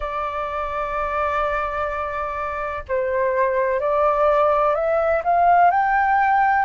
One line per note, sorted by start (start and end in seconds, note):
0.00 2.83 D5
2.88 3.80 C5
3.80 4.74 D5
4.74 5.22 E5
5.23 5.71 F5
5.71 6.65 G5